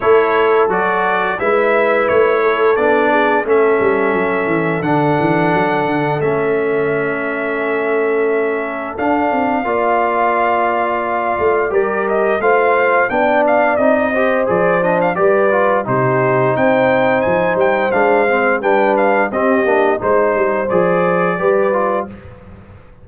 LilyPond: <<
  \new Staff \with { instrumentName = "trumpet" } { \time 4/4 \tempo 4 = 87 cis''4 d''4 e''4 cis''4 | d''4 e''2 fis''4~ | fis''4 e''2.~ | e''4 f''2.~ |
f''4 d''8 dis''8 f''4 g''8 f''8 | dis''4 d''8 dis''16 f''16 d''4 c''4 | g''4 gis''8 g''8 f''4 g''8 f''8 | dis''4 c''4 d''2 | }
  \new Staff \with { instrumentName = "horn" } { \time 4/4 a'2 b'4. a'8~ | a'8 gis'8 a'2.~ | a'1~ | a'2 d''2~ |
d''4 ais'4 c''4 d''4~ | d''8 c''4. b'4 g'4 | c''2. b'4 | g'4 c''2 b'4 | }
  \new Staff \with { instrumentName = "trombone" } { \time 4/4 e'4 fis'4 e'2 | d'4 cis'2 d'4~ | d'4 cis'2.~ | cis'4 d'4 f'2~ |
f'4 g'4 f'4 d'4 | dis'8 g'8 gis'8 d'8 g'8 f'8 dis'4~ | dis'2 d'8 c'8 d'4 | c'8 d'8 dis'4 gis'4 g'8 f'8 | }
  \new Staff \with { instrumentName = "tuba" } { \time 4/4 a4 fis4 gis4 a4 | b4 a8 g8 fis8 e8 d8 e8 | fis8 d8 a2.~ | a4 d'8 c'8 ais2~ |
ais8 a8 g4 a4 b4 | c'4 f4 g4 c4 | c'4 f8 g8 gis4 g4 | c'8 ais8 gis8 g8 f4 g4 | }
>>